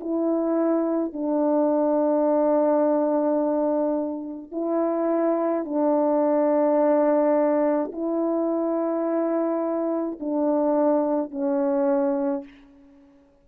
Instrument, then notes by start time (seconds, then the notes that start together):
horn
0.00 E4
1.13 D4
4.51 E4
5.64 D4
7.92 E4
10.19 D4
11.31 C#4